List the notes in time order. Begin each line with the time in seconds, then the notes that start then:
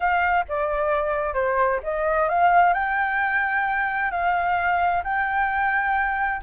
0.00 F5
0.48 D5
1.34 C5
1.83 D#5
2.29 F5
2.73 G5
4.11 F5
5.03 G5